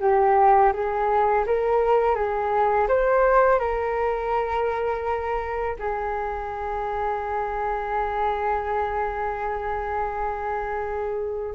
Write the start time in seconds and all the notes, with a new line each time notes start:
0.00 G4
0.73 G#4
1.46 A#4
2.15 G#4
2.88 C5
3.59 A#4
5.79 G#4